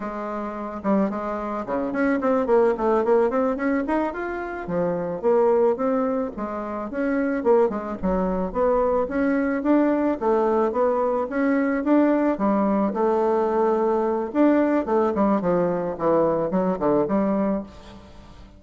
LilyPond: \new Staff \with { instrumentName = "bassoon" } { \time 4/4 \tempo 4 = 109 gis4. g8 gis4 cis8 cis'8 | c'8 ais8 a8 ais8 c'8 cis'8 dis'8 f'8~ | f'8 f4 ais4 c'4 gis8~ | gis8 cis'4 ais8 gis8 fis4 b8~ |
b8 cis'4 d'4 a4 b8~ | b8 cis'4 d'4 g4 a8~ | a2 d'4 a8 g8 | f4 e4 fis8 d8 g4 | }